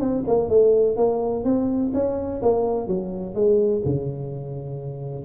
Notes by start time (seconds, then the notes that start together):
0.00 C4
0.27 A#3
0.49 A3
0.97 A#3
1.44 C4
1.94 C#4
2.42 A#3
2.87 F#3
3.35 G#3
3.85 C#3